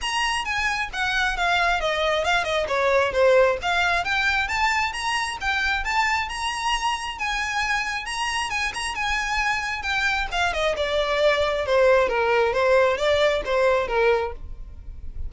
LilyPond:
\new Staff \with { instrumentName = "violin" } { \time 4/4 \tempo 4 = 134 ais''4 gis''4 fis''4 f''4 | dis''4 f''8 dis''8 cis''4 c''4 | f''4 g''4 a''4 ais''4 | g''4 a''4 ais''2 |
gis''2 ais''4 gis''8 ais''8 | gis''2 g''4 f''8 dis''8 | d''2 c''4 ais'4 | c''4 d''4 c''4 ais'4 | }